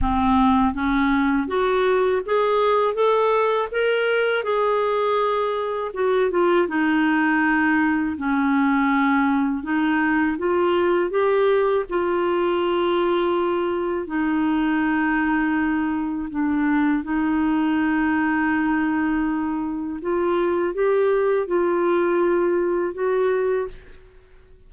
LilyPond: \new Staff \with { instrumentName = "clarinet" } { \time 4/4 \tempo 4 = 81 c'4 cis'4 fis'4 gis'4 | a'4 ais'4 gis'2 | fis'8 f'8 dis'2 cis'4~ | cis'4 dis'4 f'4 g'4 |
f'2. dis'4~ | dis'2 d'4 dis'4~ | dis'2. f'4 | g'4 f'2 fis'4 | }